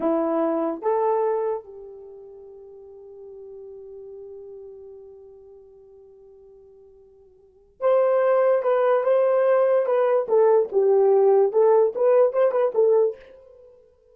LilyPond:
\new Staff \with { instrumentName = "horn" } { \time 4/4 \tempo 4 = 146 e'2 a'2 | g'1~ | g'1~ | g'1~ |
g'2. c''4~ | c''4 b'4 c''2 | b'4 a'4 g'2 | a'4 b'4 c''8 b'8 a'4 | }